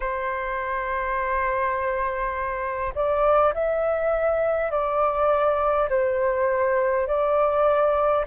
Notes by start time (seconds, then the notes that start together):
0.00 C5
2.94 D5
3.53 E5
4.71 D5
5.89 C5
7.07 D5